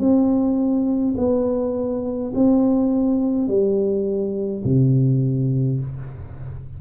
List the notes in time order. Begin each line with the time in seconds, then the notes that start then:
0.00 C4
1.17 B3
2.35 C4
3.48 G3
4.65 C3